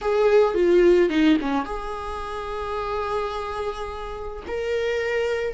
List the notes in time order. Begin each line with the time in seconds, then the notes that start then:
0.01 G#4
0.54 F4
1.09 D#4
1.41 C#4
1.65 G#4
4.47 A#4